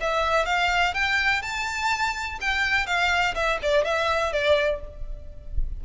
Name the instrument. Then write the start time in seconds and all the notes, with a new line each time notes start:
violin
0.00 E5
0.45 F5
0.94 G5
1.42 A5
2.40 G5
2.86 F5
3.35 E5
3.62 D5
3.84 E5
4.32 D5